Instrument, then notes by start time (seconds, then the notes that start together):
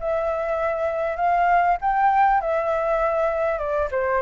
flute
0.00 E5
1.17 F5
1.81 G5
2.41 E5
3.58 D5
3.91 C5